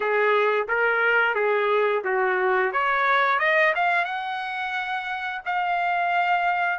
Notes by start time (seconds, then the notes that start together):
0.00 G#4
0.68 A#4
1.35 G#4
2.04 F#4
2.72 C#5
3.39 D#5
3.75 F5
4.04 F#5
5.45 F5